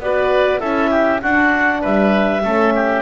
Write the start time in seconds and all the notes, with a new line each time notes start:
0.00 B3 F#4 B4 D5
0.60 C#4 E4 A4 E5
0.91 G4
1.22 D4 F#4 F#5
1.81 G3 B4 E5
2.43 A3 C#4 A4
2.75 G4